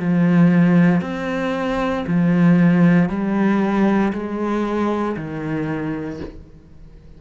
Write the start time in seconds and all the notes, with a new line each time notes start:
0.00 F3
1.02 C4
2.07 F3
3.09 G3
4.13 G#3
5.17 D#3